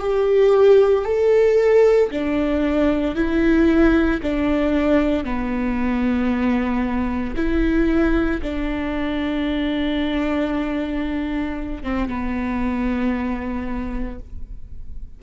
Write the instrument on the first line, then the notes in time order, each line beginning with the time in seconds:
viola
0.00 G4
1.05 A4
2.11 D4
3.16 E4
4.23 D4
5.24 B3
7.36 E4
8.42 D4
11.84 C4
12.09 B3